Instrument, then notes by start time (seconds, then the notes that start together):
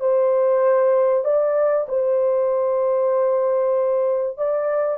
horn
0.00 C5
1.25 D5
1.89 C5
4.38 D5